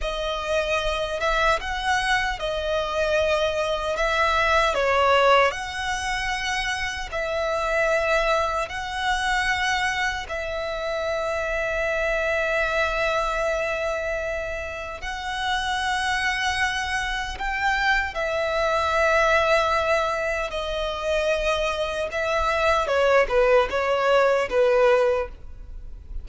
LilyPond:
\new Staff \with { instrumentName = "violin" } { \time 4/4 \tempo 4 = 76 dis''4. e''8 fis''4 dis''4~ | dis''4 e''4 cis''4 fis''4~ | fis''4 e''2 fis''4~ | fis''4 e''2.~ |
e''2. fis''4~ | fis''2 g''4 e''4~ | e''2 dis''2 | e''4 cis''8 b'8 cis''4 b'4 | }